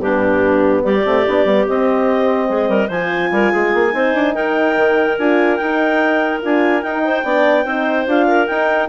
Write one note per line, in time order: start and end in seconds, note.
0.00 0.83 G2
0.00 1.03 B3
0.00 0.84 D4
0.00 0.84 G4
0.84 1.06 G3
0.84 2.49 G4
0.84 1.67 D5
1.04 1.27 A3
1.04 1.24 C4
1.27 1.45 B3
1.27 1.47 D4
1.45 1.66 G3
1.45 1.67 B3
1.67 2.91 C4
1.67 2.50 C4
1.67 2.91 D#5
2.49 2.69 G#3
2.49 2.70 G#4
2.69 2.89 G3
2.69 2.88 A#4
2.88 3.31 F3
2.88 3.91 F4
2.88 3.30 C5
2.88 4.35 G#5
3.32 3.53 G3
3.32 3.52 A#4
3.52 3.75 G#3
3.52 3.94 G#4
3.75 3.94 A#3
3.91 4.15 C4
3.91 5.15 D#4
3.91 4.35 C5
4.15 4.36 D4
4.35 4.77 D#4
4.35 7.04 A#4
4.35 5.18 G5
4.77 5.18 D#3
5.19 5.60 D4
5.19 5.61 F4
5.19 5.57 G#5
5.57 6.43 D#4
5.57 6.42 D#4
5.57 6.40 G5
6.42 6.84 D4
6.42 6.83 F4
6.42 6.83 G#5
6.83 7.25 D#4
6.83 7.24 D#4
6.83 8.07 G5
7.05 7.25 C5
7.24 7.65 B3
7.24 7.66 D4
7.24 7.65 D5
7.65 8.07 C4
7.65 8.07 D#4
7.65 8.27 C5
8.07 8.48 D4
8.07 8.48 F4
8.07 8.47 F5
8.28 8.89 A#4
8.47 8.89 D#4
8.47 8.89 G5